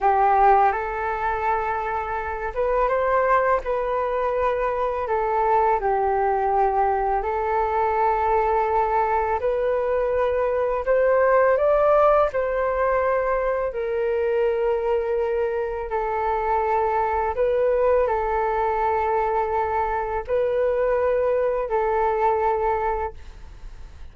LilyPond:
\new Staff \with { instrumentName = "flute" } { \time 4/4 \tempo 4 = 83 g'4 a'2~ a'8 b'8 | c''4 b'2 a'4 | g'2 a'2~ | a'4 b'2 c''4 |
d''4 c''2 ais'4~ | ais'2 a'2 | b'4 a'2. | b'2 a'2 | }